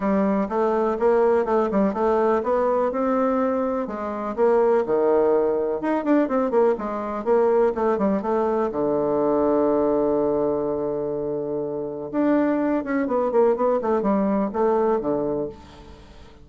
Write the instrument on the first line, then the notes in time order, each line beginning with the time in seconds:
bassoon
0.00 G3
0.48 A3
0.99 A#3
1.45 A3
1.71 G3
1.93 A3
2.43 B3
2.91 C4
3.87 G#3
4.35 A#3
4.86 D#3
5.81 D#4
6.04 D4
6.28 C4
6.50 A#3
6.77 G#3
7.24 A#3
7.74 A3
7.98 G3
8.22 A3
8.71 D3
12.11 D4
12.84 C#4
13.07 B3
13.31 A#3
13.55 B3
13.81 A3
14.02 G3
14.52 A3
15.00 D3